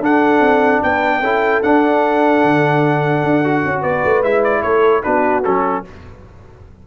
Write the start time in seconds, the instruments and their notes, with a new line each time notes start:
0.00 tuba D4, trombone D4, horn A4, trumpet F#5
0.40 tuba C4
0.82 tuba B3, horn B4, trumpet G5
1.19 tuba C#4, trombone E4, horn A4
1.62 tuba D4, trombone D4, trumpet F#5
2.43 tuba D3
3.23 tuba D4
3.44 trombone F#4
3.65 tuba C#4
3.81 tuba B3, horn B4, trumpet D5
4.04 tuba A3
4.22 tuba G#3, trombone E4, trumpet E5
4.43 trumpet D5
4.62 tuba A3, horn A4, trumpet C#5
5.03 tuba B3, trombone D4, horn F#4, trumpet B4
5.44 tuba F#3, trombone C#4, trumpet A4